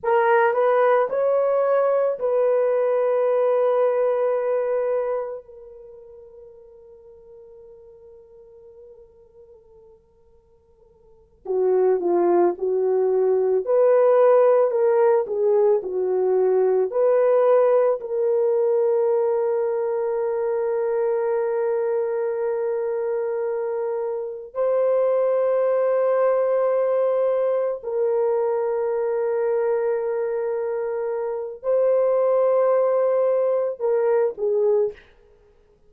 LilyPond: \new Staff \with { instrumentName = "horn" } { \time 4/4 \tempo 4 = 55 ais'8 b'8 cis''4 b'2~ | b'4 ais'2.~ | ais'2~ ais'8 fis'8 f'8 fis'8~ | fis'8 b'4 ais'8 gis'8 fis'4 b'8~ |
b'8 ais'2.~ ais'8~ | ais'2~ ais'8 c''4.~ | c''4. ais'2~ ais'8~ | ais'4 c''2 ais'8 gis'8 | }